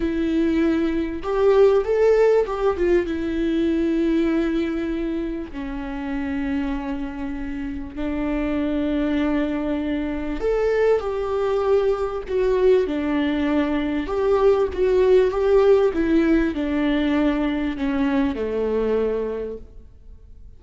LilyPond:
\new Staff \with { instrumentName = "viola" } { \time 4/4 \tempo 4 = 98 e'2 g'4 a'4 | g'8 f'8 e'2.~ | e'4 cis'2.~ | cis'4 d'2.~ |
d'4 a'4 g'2 | fis'4 d'2 g'4 | fis'4 g'4 e'4 d'4~ | d'4 cis'4 a2 | }